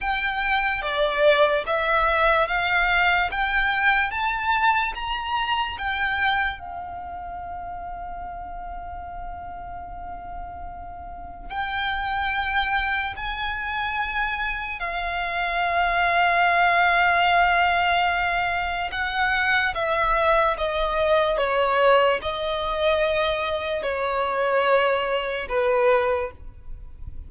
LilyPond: \new Staff \with { instrumentName = "violin" } { \time 4/4 \tempo 4 = 73 g''4 d''4 e''4 f''4 | g''4 a''4 ais''4 g''4 | f''1~ | f''2 g''2 |
gis''2 f''2~ | f''2. fis''4 | e''4 dis''4 cis''4 dis''4~ | dis''4 cis''2 b'4 | }